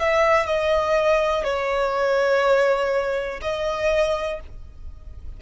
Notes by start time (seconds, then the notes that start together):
0.00 E5
0.46 D#5
1.44 C#5
3.42 D#5